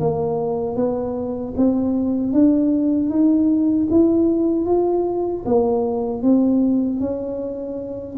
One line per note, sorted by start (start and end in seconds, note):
0.00 0.76 A#3
0.76 1.54 B3
1.57 2.33 C4
2.33 3.10 D4
3.10 3.88 D#4
3.90 4.66 E4
4.66 5.44 F4
5.46 6.23 A#3
6.23 7.00 C4
7.00 8.17 C#4